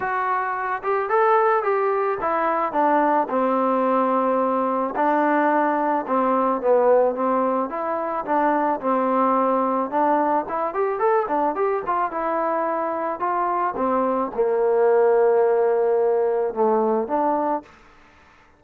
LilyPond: \new Staff \with { instrumentName = "trombone" } { \time 4/4 \tempo 4 = 109 fis'4. g'8 a'4 g'4 | e'4 d'4 c'2~ | c'4 d'2 c'4 | b4 c'4 e'4 d'4 |
c'2 d'4 e'8 g'8 | a'8 d'8 g'8 f'8 e'2 | f'4 c'4 ais2~ | ais2 a4 d'4 | }